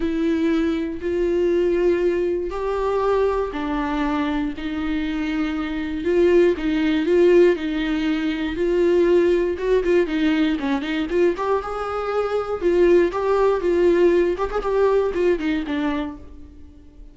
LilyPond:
\new Staff \with { instrumentName = "viola" } { \time 4/4 \tempo 4 = 119 e'2 f'2~ | f'4 g'2 d'4~ | d'4 dis'2. | f'4 dis'4 f'4 dis'4~ |
dis'4 f'2 fis'8 f'8 | dis'4 cis'8 dis'8 f'8 g'8 gis'4~ | gis'4 f'4 g'4 f'4~ | f'8 g'16 gis'16 g'4 f'8 dis'8 d'4 | }